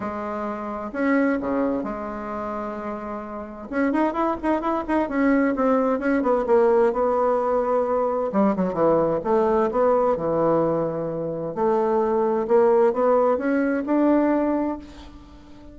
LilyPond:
\new Staff \with { instrumentName = "bassoon" } { \time 4/4 \tempo 4 = 130 gis2 cis'4 cis4 | gis1 | cis'8 dis'8 e'8 dis'8 e'8 dis'8 cis'4 | c'4 cis'8 b8 ais4 b4~ |
b2 g8 fis8 e4 | a4 b4 e2~ | e4 a2 ais4 | b4 cis'4 d'2 | }